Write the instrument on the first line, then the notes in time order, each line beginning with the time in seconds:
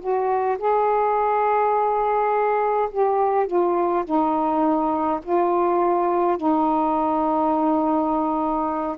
saxophone
0.00 F#4
0.59 G#4
2.91 G4
3.47 F4
4.05 D#4
5.23 F4
6.37 D#4